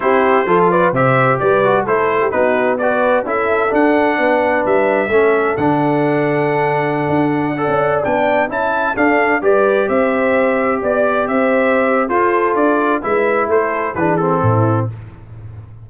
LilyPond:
<<
  \new Staff \with { instrumentName = "trumpet" } { \time 4/4 \tempo 4 = 129 c''4. d''8 e''4 d''4 | c''4 b'4 d''4 e''4 | fis''2 e''2 | fis''1~ |
fis''4~ fis''16 g''4 a''4 f''8.~ | f''16 d''4 e''2 d''8.~ | d''16 e''4.~ e''16 c''4 d''4 | e''4 c''4 b'8 a'4. | }
  \new Staff \with { instrumentName = "horn" } { \time 4/4 g'4 a'8 b'8 c''4 b'4 | a'8. g'16 fis'4 b'4 a'4~ | a'4 b'2 a'4~ | a'1~ |
a'16 d''2 e''4 a'8.~ | a'16 b'4 c''2 d''8.~ | d''16 c''4.~ c''16 a'2 | b'4 a'4 gis'4 e'4 | }
  \new Staff \with { instrumentName = "trombone" } { \time 4/4 e'4 f'4 g'4. fis'8 | e'4 dis'4 fis'4 e'4 | d'2. cis'4 | d'1~ |
d'16 a'4 d'4 e'4 d'8.~ | d'16 g'2.~ g'8.~ | g'2 f'2 | e'2 d'8 c'4. | }
  \new Staff \with { instrumentName = "tuba" } { \time 4/4 c'4 f4 c4 g4 | a4 b2 cis'4 | d'4 b4 g4 a4 | d2.~ d16 d'8.~ |
d'8 cis'8. b4 cis'4 d'8.~ | d'16 g4 c'2 b8.~ | b16 c'4.~ c'16 f'4 d'4 | gis4 a4 e4 a,4 | }
>>